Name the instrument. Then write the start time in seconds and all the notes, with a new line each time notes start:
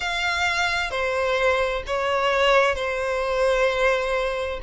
violin
0.00 F5
0.91 C5
1.86 C#5
2.75 C5